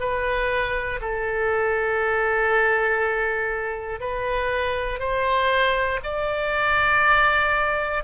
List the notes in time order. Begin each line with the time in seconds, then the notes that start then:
0.00 B4
1.01 A4
4.00 B4
5.00 C5
6.03 D5